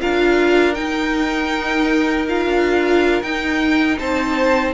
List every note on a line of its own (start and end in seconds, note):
0.00 0.78 D4
0.00 0.74 F4
0.00 3.98 A#4
0.00 0.74 F5
0.74 2.25 D#4
0.74 2.46 D#4
0.74 2.26 G5
2.28 3.23 F4
2.28 3.22 F5
2.46 3.22 D4
3.22 3.98 D#4
3.22 4.73 D#4
3.22 3.98 G5
3.98 4.73 C4
3.98 4.73 C5
3.98 4.73 A5